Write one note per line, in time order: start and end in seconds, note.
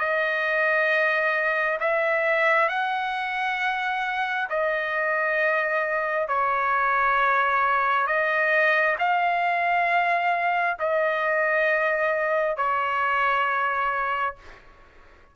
0.00 1.79 D#5
1.80 2.69 E5
2.69 4.49 F#5
4.50 6.28 D#5
6.28 8.07 C#5
8.07 8.97 D#5
8.99 10.78 F5
10.80 12.57 D#5
12.57 14.36 C#5